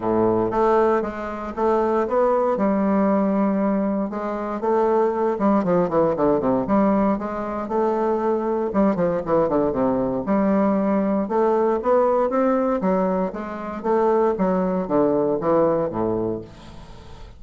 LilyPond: \new Staff \with { instrumentName = "bassoon" } { \time 4/4 \tempo 4 = 117 a,4 a4 gis4 a4 | b4 g2. | gis4 a4. g8 f8 e8 | d8 c8 g4 gis4 a4~ |
a4 g8 f8 e8 d8 c4 | g2 a4 b4 | c'4 fis4 gis4 a4 | fis4 d4 e4 a,4 | }